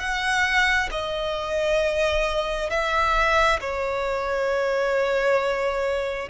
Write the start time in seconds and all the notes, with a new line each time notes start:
0.00 F#5
0.92 D#5
2.70 E5
3.61 C#5